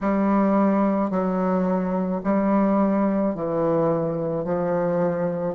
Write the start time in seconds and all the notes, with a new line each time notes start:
0.01 G3
1.10 F#3
2.23 G3
3.34 E3
4.44 F3